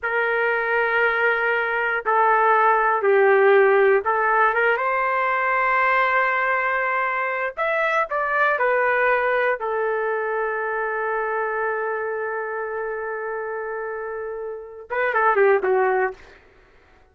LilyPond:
\new Staff \with { instrumentName = "trumpet" } { \time 4/4 \tempo 4 = 119 ais'1 | a'2 g'2 | a'4 ais'8 c''2~ c''8~ | c''2. e''4 |
d''4 b'2 a'4~ | a'1~ | a'1~ | a'4. b'8 a'8 g'8 fis'4 | }